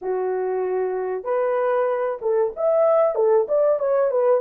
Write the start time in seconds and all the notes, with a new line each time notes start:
0.01 F#4
1.24 B4
2.21 A4
2.56 E5
3.15 A4
3.48 D5
3.79 C#5
4.11 B4